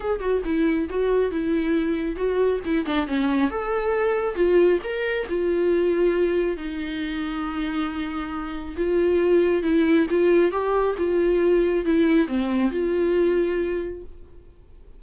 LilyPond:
\new Staff \with { instrumentName = "viola" } { \time 4/4 \tempo 4 = 137 gis'8 fis'8 e'4 fis'4 e'4~ | e'4 fis'4 e'8 d'8 cis'4 | a'2 f'4 ais'4 | f'2. dis'4~ |
dis'1 | f'2 e'4 f'4 | g'4 f'2 e'4 | c'4 f'2. | }